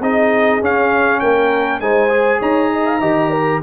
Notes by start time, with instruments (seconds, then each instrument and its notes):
0.00 tuba C4, trombone D#4, horn G#4, trumpet D#5
0.61 trombone C#4, tuba C#4, trumpet F5
1.20 tuba A#3, horn A#4, trumpet G5
1.80 tuba G#3, trombone D#4, horn C5, trumpet G#5
2.09 trombone G#4
2.39 tuba D#4, horn C#5, trumpet A#5
2.72 horn D#5
2.86 horn F5
3.00 tuba D#3, trombone G4, horn D#5
3.30 horn A#4